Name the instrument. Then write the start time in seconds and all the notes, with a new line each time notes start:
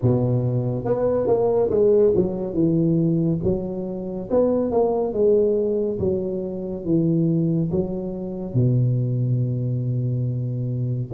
tuba
0.02 B2
0.84 B3
1.27 A#3
1.70 G#3
2.15 F#3
2.53 E3
3.43 F#3
4.30 B3
4.71 A#3
5.13 G#3
5.99 F#3
6.84 E3
7.71 F#3
8.54 B2